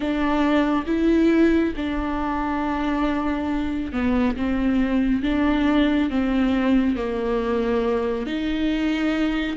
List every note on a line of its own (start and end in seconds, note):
0.00 0.85 D4
0.86 1.73 E4
1.76 3.92 D4
3.92 4.36 B3
4.36 5.23 C4
5.23 6.09 D4
6.09 6.96 C4
6.96 8.26 A#3
8.26 9.57 D#4